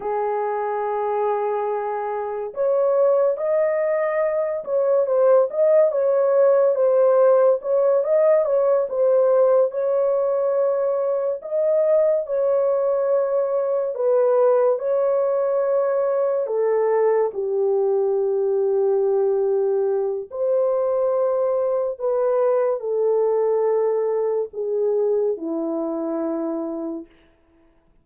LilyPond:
\new Staff \with { instrumentName = "horn" } { \time 4/4 \tempo 4 = 71 gis'2. cis''4 | dis''4. cis''8 c''8 dis''8 cis''4 | c''4 cis''8 dis''8 cis''8 c''4 cis''8~ | cis''4. dis''4 cis''4.~ |
cis''8 b'4 cis''2 a'8~ | a'8 g'2.~ g'8 | c''2 b'4 a'4~ | a'4 gis'4 e'2 | }